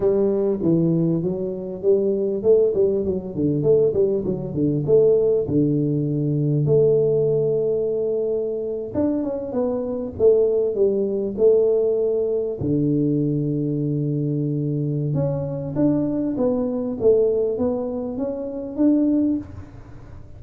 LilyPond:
\new Staff \with { instrumentName = "tuba" } { \time 4/4 \tempo 4 = 99 g4 e4 fis4 g4 | a8 g8 fis8 d8 a8 g8 fis8 d8 | a4 d2 a4~ | a2~ a8. d'8 cis'8 b16~ |
b8. a4 g4 a4~ a16~ | a8. d2.~ d16~ | d4 cis'4 d'4 b4 | a4 b4 cis'4 d'4 | }